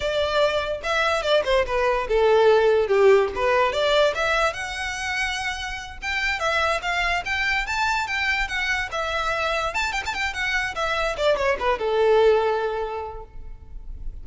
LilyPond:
\new Staff \with { instrumentName = "violin" } { \time 4/4 \tempo 4 = 145 d''2 e''4 d''8 c''8 | b'4 a'2 g'4 | b'4 d''4 e''4 fis''4~ | fis''2~ fis''8 g''4 e''8~ |
e''8 f''4 g''4 a''4 g''8~ | g''8 fis''4 e''2 a''8 | g''16 a''16 g''8 fis''4 e''4 d''8 cis''8 | b'8 a'2.~ a'8 | }